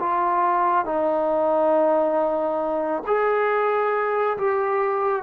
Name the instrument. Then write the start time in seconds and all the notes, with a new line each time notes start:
trombone
0.00 F4
0.86 D#4
3.07 G#4
4.38 G4